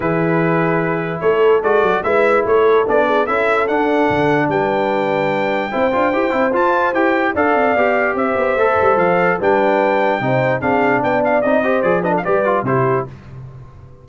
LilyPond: <<
  \new Staff \with { instrumentName = "trumpet" } { \time 4/4 \tempo 4 = 147 b'2. cis''4 | d''4 e''4 cis''4 d''4 | e''4 fis''2 g''4~ | g''1 |
a''4 g''4 f''2 | e''2 f''4 g''4~ | g''2 f''4 g''8 f''8 | dis''4 d''8 dis''16 f''16 d''4 c''4 | }
  \new Staff \with { instrumentName = "horn" } { \time 4/4 gis'2. a'4~ | a'4 b'4 a'4. gis'8 | a'2. b'4~ | b'2 c''2~ |
c''2 d''2 | c''2. b'4~ | b'4 c''4 gis'4 d''4~ | d''8 c''4 b'16 a'16 b'4 g'4 | }
  \new Staff \with { instrumentName = "trombone" } { \time 4/4 e'1 | fis'4 e'2 d'4 | e'4 d'2.~ | d'2 e'8 f'8 g'8 e'8 |
f'4 g'4 a'4 g'4~ | g'4 a'2 d'4~ | d'4 dis'4 d'2 | dis'8 g'8 gis'8 d'8 g'8 f'8 e'4 | }
  \new Staff \with { instrumentName = "tuba" } { \time 4/4 e2. a4 | gis8 fis8 gis4 a4 b4 | cis'4 d'4 d4 g4~ | g2 c'8 d'8 e'8 c'8 |
f'4 e'4 d'8 c'8 b4 | c'8 b8 a8 g8 f4 g4~ | g4 c4 c'4 b4 | c'4 f4 g4 c4 | }
>>